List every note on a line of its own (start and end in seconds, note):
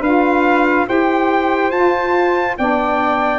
0.00 0.85 D4
0.00 0.86 F4
0.00 0.85 B4
0.00 0.87 F5
0.86 1.71 E4
0.86 1.71 G4
0.86 2.56 C5
0.86 1.71 G5
1.71 2.55 F4
1.71 2.57 F4
1.71 2.55 A5
2.57 3.38 B3
2.57 3.38 D4
2.57 3.38 D5
2.57 3.38 G5